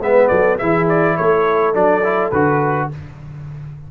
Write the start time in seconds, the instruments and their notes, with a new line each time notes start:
0.00 tuba G#3, trombone B3, horn B4, trumpet E5
0.27 tuba F#3, horn A4, trumpet D5
0.58 tuba E3, trombone E4, horn G#4, trumpet E5
0.89 trumpet D5
1.16 tuba A3, horn A4, trumpet C#5
1.73 tuba F#3, trombone D4, trumpet D5
2.03 trombone E4
2.31 tuba D3, trombone F#4, trumpet B4